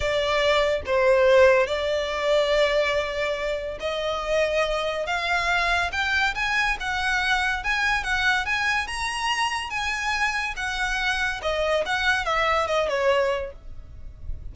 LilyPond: \new Staff \with { instrumentName = "violin" } { \time 4/4 \tempo 4 = 142 d''2 c''2 | d''1~ | d''4 dis''2. | f''2 g''4 gis''4 |
fis''2 gis''4 fis''4 | gis''4 ais''2 gis''4~ | gis''4 fis''2 dis''4 | fis''4 e''4 dis''8 cis''4. | }